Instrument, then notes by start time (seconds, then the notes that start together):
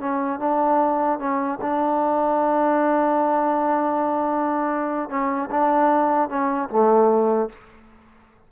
trombone
0.00 C#4
0.39 D4
1.19 C#4
1.61 D4
5.09 C#4
5.51 D4
6.29 C#4
6.69 A3